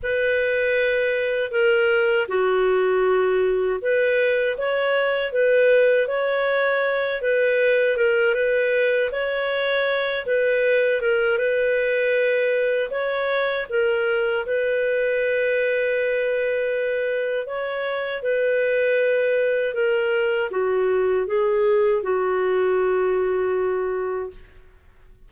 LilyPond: \new Staff \with { instrumentName = "clarinet" } { \time 4/4 \tempo 4 = 79 b'2 ais'4 fis'4~ | fis'4 b'4 cis''4 b'4 | cis''4. b'4 ais'8 b'4 | cis''4. b'4 ais'8 b'4~ |
b'4 cis''4 ais'4 b'4~ | b'2. cis''4 | b'2 ais'4 fis'4 | gis'4 fis'2. | }